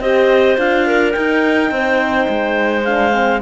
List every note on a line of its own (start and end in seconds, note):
0.00 0.57 C4
0.00 0.58 G4
0.00 0.87 C5
0.00 0.57 D#5
0.58 1.15 D4
0.58 1.14 F4
0.58 1.12 F5
0.87 1.72 A#4
1.12 2.86 D#4
1.12 1.71 D#4
1.12 2.82 G5
1.71 2.27 C4
1.71 3.42 C5
2.29 3.42 G#3
2.84 3.12 D4
2.84 3.41 F5
3.12 3.40 C4